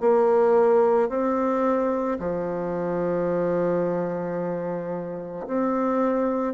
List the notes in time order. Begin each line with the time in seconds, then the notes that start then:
0.00 A#3
1.09 C4
2.19 F3
5.47 C4